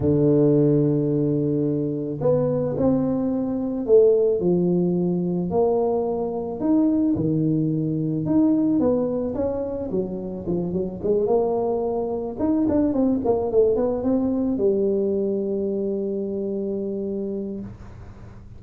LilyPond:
\new Staff \with { instrumentName = "tuba" } { \time 4/4 \tempo 4 = 109 d1 | b4 c'2 a4 | f2 ais2 | dis'4 dis2 dis'4 |
b4 cis'4 fis4 f8 fis8 | gis8 ais2 dis'8 d'8 c'8 | ais8 a8 b8 c'4 g4.~ | g1 | }